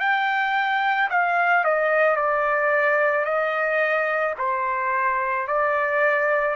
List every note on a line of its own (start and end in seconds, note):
0.00 1.09 G5
1.10 1.65 F5
1.65 2.16 D#5
2.16 3.25 D5
3.25 4.34 D#5
4.38 5.47 C5
5.47 6.56 D5